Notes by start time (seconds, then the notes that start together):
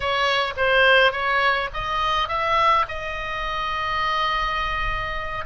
0.00 C#5
0.56 C5
1.12 C#5
1.73 D#5
2.28 E5
2.88 D#5